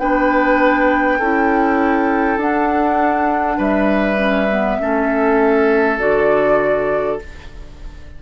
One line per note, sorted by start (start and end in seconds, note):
0.00 1.20 B3
0.00 1.20 D4
0.00 1.20 B4
0.00 2.40 G5
1.20 2.38 C#4
1.20 2.41 E4
1.20 3.58 A4
2.38 3.58 D4
2.38 4.17 D4
2.38 3.60 F#5
3.58 4.79 G3
3.58 4.78 B4
3.58 5.99 E5
4.17 4.47 C#4
4.51 4.80 B3
4.80 6.00 A3
4.80 5.99 C#4
4.80 7.22 A4
5.99 7.20 D3
5.99 7.19 F#4
5.99 7.19 D5